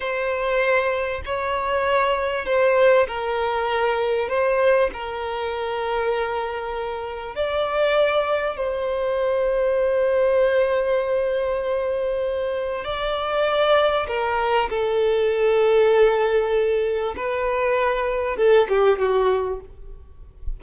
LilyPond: \new Staff \with { instrumentName = "violin" } { \time 4/4 \tempo 4 = 98 c''2 cis''2 | c''4 ais'2 c''4 | ais'1 | d''2 c''2~ |
c''1~ | c''4 d''2 ais'4 | a'1 | b'2 a'8 g'8 fis'4 | }